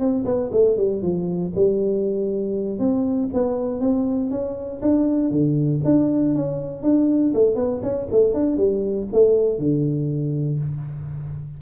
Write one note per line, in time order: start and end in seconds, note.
0.00 0.25 C4
0.25 0.50 B3
0.52 0.77 A3
0.77 1.03 G3
1.03 1.53 F3
1.56 2.79 G3
2.79 3.30 C4
3.34 3.81 B3
3.81 4.31 C4
4.31 4.82 C#4
4.82 5.31 D4
5.31 5.81 D3
5.85 6.36 D4
6.36 6.83 C#4
6.83 7.34 D4
7.35 7.56 A3
7.56 7.81 B3
7.83 8.08 C#4
8.12 8.34 A3
8.34 8.58 D4
8.58 9.08 G3
9.13 9.59 A3
9.59 10.60 D3